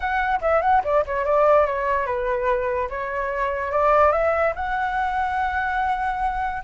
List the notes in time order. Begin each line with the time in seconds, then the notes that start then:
0.00 F#5
0.41 E5
0.61 F#5
0.84 D5
1.06 C#5
1.25 D5
1.66 C#5
2.06 B4
2.89 C#5
3.71 D5
4.12 E5
4.55 F#5